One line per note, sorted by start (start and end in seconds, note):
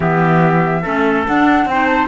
0.00 0.84 E3
0.00 0.84 B3
0.00 0.82 G4
0.00 1.23 E5
0.82 1.27 A3
0.82 1.26 C#4
0.82 1.66 A4
1.26 1.70 D4
1.26 1.65 D4
1.26 1.67 F#5
1.65 2.07 C4
1.65 2.07 C5
1.65 1.85 G5
1.71 2.07 D#4
1.85 2.06 A5